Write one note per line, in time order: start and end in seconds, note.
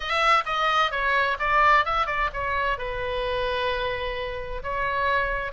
0.00 0.44 E5
0.45 0.91 D#5
0.91 1.37 C#5
1.39 1.85 D5
1.85 2.06 E5
2.06 2.29 D5
2.33 2.78 C#5
2.78 4.62 B4
4.63 5.52 C#5